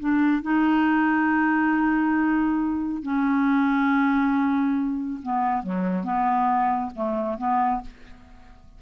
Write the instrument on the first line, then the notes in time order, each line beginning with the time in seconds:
clarinet
0.00 D4
0.42 D#4
3.03 C#4
5.23 B3
5.63 F#3
6.04 B3
6.95 A3
7.38 B3